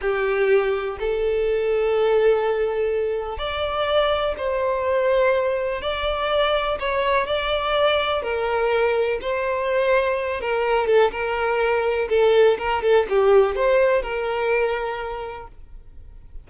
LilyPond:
\new Staff \with { instrumentName = "violin" } { \time 4/4 \tempo 4 = 124 g'2 a'2~ | a'2. d''4~ | d''4 c''2. | d''2 cis''4 d''4~ |
d''4 ais'2 c''4~ | c''4. ais'4 a'8 ais'4~ | ais'4 a'4 ais'8 a'8 g'4 | c''4 ais'2. | }